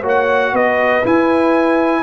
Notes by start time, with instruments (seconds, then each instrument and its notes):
0.00 tuba A#3, trombone F#4, horn C#5
0.08 trumpet F#5
0.52 tuba B3, horn B4, trumpet D#5
1.04 trombone E4, tuba E4, trumpet G#5